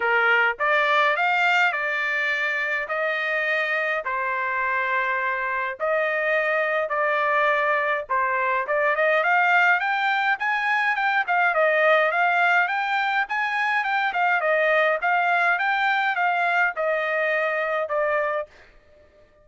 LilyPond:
\new Staff \with { instrumentName = "trumpet" } { \time 4/4 \tempo 4 = 104 ais'4 d''4 f''4 d''4~ | d''4 dis''2 c''4~ | c''2 dis''2 | d''2 c''4 d''8 dis''8 |
f''4 g''4 gis''4 g''8 f''8 | dis''4 f''4 g''4 gis''4 | g''8 f''8 dis''4 f''4 g''4 | f''4 dis''2 d''4 | }